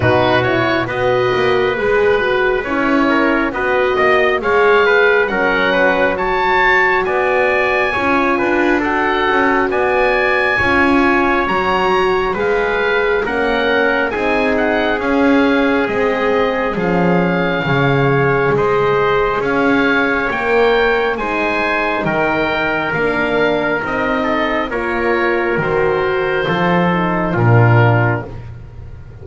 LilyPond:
<<
  \new Staff \with { instrumentName = "oboe" } { \time 4/4 \tempo 4 = 68 b'8 cis''8 dis''4 b'4 cis''4 | dis''4 f''4 fis''4 a''4 | gis''2 fis''4 gis''4~ | gis''4 ais''4 f''4 fis''4 |
gis''8 fis''8 f''4 dis''4 f''4~ | f''4 dis''4 f''4 g''4 | gis''4 g''4 f''4 dis''4 | cis''4 c''2 ais'4 | }
  \new Staff \with { instrumentName = "trumpet" } { \time 4/4 fis'4 b'2~ b'8 ais'8 | b'8 dis''8 cis''8 b'8 ais'8 b'8 cis''4 | d''4 cis''8 b'8 a'4 d''4 | cis''2 b'4 ais'4 |
gis'1 | cis''4 c''4 cis''2 | c''4 ais'2~ ais'8 a'8 | ais'2 a'4 f'4 | }
  \new Staff \with { instrumentName = "horn" } { \time 4/4 dis'8 e'8 fis'4 gis'8 fis'8 e'4 | fis'4 gis'4 cis'4 fis'4~ | fis'4 f'4 fis'2 | f'4 fis'4 gis'4 cis'4 |
dis'4 cis'4 c'4 cis'4 | gis'2. ais'4 | dis'2 d'4 dis'4 | f'4 fis'4 f'8 dis'8 d'4 | }
  \new Staff \with { instrumentName = "double bass" } { \time 4/4 b,4 b8 ais8 gis4 cis'4 | b8 ais8 gis4 fis2 | b4 cis'8 d'4 cis'8 b4 | cis'4 fis4 gis4 ais4 |
c'4 cis'4 gis4 f4 | cis4 gis4 cis'4 ais4 | gis4 dis4 ais4 c'4 | ais4 dis4 f4 ais,4 | }
>>